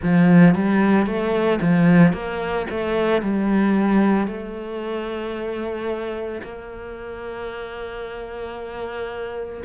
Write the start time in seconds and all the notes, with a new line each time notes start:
0.02 F3
0.54 G3
1.06 A3
1.61 F3
2.12 A#3
2.69 A3
3.21 G3
4.27 A3
6.42 A#3